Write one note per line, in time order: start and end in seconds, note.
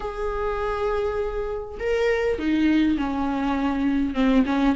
0.00 1.77 G#4
1.79 2.38 A#4
2.38 2.97 D#4
2.97 4.14 C#4
4.14 4.44 C4
4.46 4.75 C#4